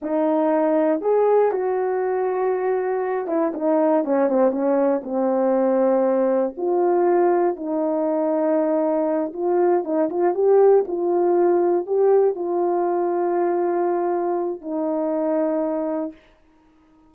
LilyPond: \new Staff \with { instrumentName = "horn" } { \time 4/4 \tempo 4 = 119 dis'2 gis'4 fis'4~ | fis'2~ fis'8 e'8 dis'4 | cis'8 c'8 cis'4 c'2~ | c'4 f'2 dis'4~ |
dis'2~ dis'8 f'4 dis'8 | f'8 g'4 f'2 g'8~ | g'8 f'2.~ f'8~ | f'4 dis'2. | }